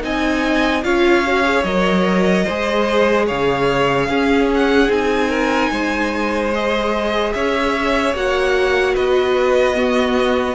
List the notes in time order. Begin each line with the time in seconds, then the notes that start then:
0.00 C4 D#4 D#5 G#5
0.83 C#4 F4 C#5 F5
1.26 F#4
1.43 G#4
1.63 F#3 A#4 D#5
2.44 G#3 G#4 C5
3.26 C#3 C#5 F5
4.08 C#4 G#4
4.54 F#5
4.88 C4 D#4 G#5
5.29 A#4
5.71 G#3 C5
6.53 G#4 D#5
7.33 C#4 C#5 E5
8.14 A#3 F#4 F#5
8.95 B3 B4 D#5
9.75 B3 F#4